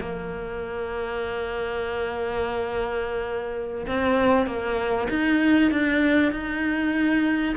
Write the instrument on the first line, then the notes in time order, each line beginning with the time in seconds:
cello
0.00 A#3
3.87 C4
4.46 A#3
5.10 D#4
5.71 D4
6.32 D#4